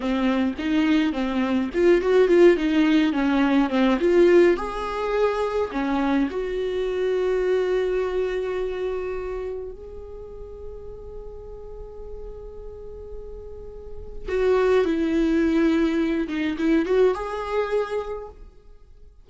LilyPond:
\new Staff \with { instrumentName = "viola" } { \time 4/4 \tempo 4 = 105 c'4 dis'4 c'4 f'8 fis'8 | f'8 dis'4 cis'4 c'8 f'4 | gis'2 cis'4 fis'4~ | fis'1~ |
fis'4 gis'2.~ | gis'1~ | gis'4 fis'4 e'2~ | e'8 dis'8 e'8 fis'8 gis'2 | }